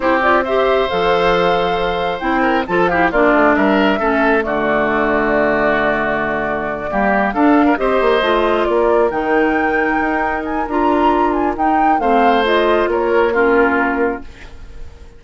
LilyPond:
<<
  \new Staff \with { instrumentName = "flute" } { \time 4/4 \tempo 4 = 135 c''8 d''8 e''4 f''2~ | f''4 g''4 a''8 f''8 d''4 | e''2 d''2~ | d''1~ |
d''8 f''4 dis''2 d''8~ | d''8 g''2. gis''8 | ais''4. gis''8 g''4 f''4 | dis''4 cis''4 ais'2 | }
  \new Staff \with { instrumentName = "oboe" } { \time 4/4 g'4 c''2.~ | c''4. ais'8 a'8 g'8 f'4 | ais'4 a'4 fis'2~ | fis'2.~ fis'8 g'8~ |
g'8 a'8. ais'16 c''2 ais'8~ | ais'1~ | ais'2. c''4~ | c''4 ais'4 f'2 | }
  \new Staff \with { instrumentName = "clarinet" } { \time 4/4 e'8 f'8 g'4 a'2~ | a'4 e'4 f'8 e'8 d'4~ | d'4 cis'4 a2~ | a2.~ a8 ais8~ |
ais8 d'4 g'4 f'4.~ | f'8 dis'2.~ dis'8 | f'2 dis'4 c'4 | f'2 cis'2 | }
  \new Staff \with { instrumentName = "bassoon" } { \time 4/4 c'2 f2~ | f4 c'4 f4 ais8 a8 | g4 a4 d2~ | d2.~ d8 g8~ |
g8 d'4 c'8 ais8 a4 ais8~ | ais8 dis2 dis'4. | d'2 dis'4 a4~ | a4 ais2. | }
>>